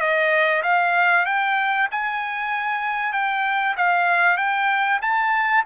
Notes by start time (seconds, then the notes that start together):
0.00 D#5
0.63 F5
1.26 G5
1.91 G#5
3.13 G5
3.77 F5
4.37 G5
5.01 A5